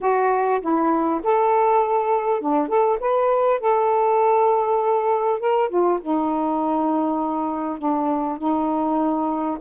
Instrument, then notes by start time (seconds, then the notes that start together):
saxophone
0.00 F#4
0.61 E4
1.23 A4
2.40 D4
2.68 A4
3.00 B4
3.60 A4
5.39 A#4
5.69 F4
6.01 D#4
7.78 D4
8.38 D#4